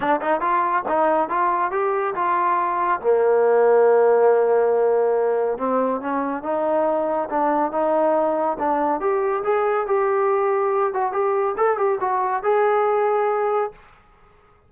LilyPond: \new Staff \with { instrumentName = "trombone" } { \time 4/4 \tempo 4 = 140 d'8 dis'8 f'4 dis'4 f'4 | g'4 f'2 ais4~ | ais1~ | ais4 c'4 cis'4 dis'4~ |
dis'4 d'4 dis'2 | d'4 g'4 gis'4 g'4~ | g'4. fis'8 g'4 a'8 g'8 | fis'4 gis'2. | }